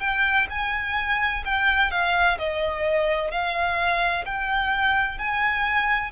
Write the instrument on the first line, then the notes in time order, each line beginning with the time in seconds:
violin
0.00 G5
0.49 G#5
1.45 G5
1.90 F5
2.38 D#5
3.31 F5
4.25 G5
5.18 G#5